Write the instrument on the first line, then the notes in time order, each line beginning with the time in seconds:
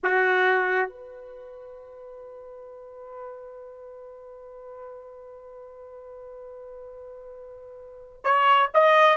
trumpet
0.03 F#4
0.88 B4
8.24 C#5
8.74 D#5